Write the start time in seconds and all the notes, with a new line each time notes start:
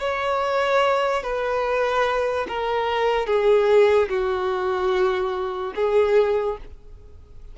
0.00 C#5
1.24 B4
2.48 A#4
3.27 G#4
4.09 F#4
5.76 G#4